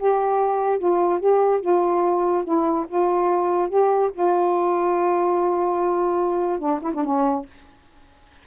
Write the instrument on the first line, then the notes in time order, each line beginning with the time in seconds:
saxophone
0.00 G4
0.79 F4
1.20 G4
1.61 F4
2.45 E4
2.88 F4
3.70 G4
4.13 F4
6.59 D4
6.82 E4
6.94 D4
7.05 C#4